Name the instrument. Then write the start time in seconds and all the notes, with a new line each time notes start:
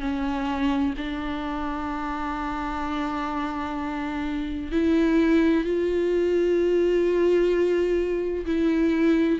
viola
0.00 C#4
0.97 D4
4.72 E4
5.64 F4
8.45 E4